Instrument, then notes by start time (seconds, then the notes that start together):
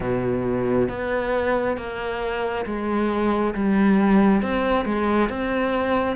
cello
0.00 B2
0.88 B3
1.76 A#3
2.65 G#3
3.54 G3
4.42 C4
4.85 G#3
5.29 C4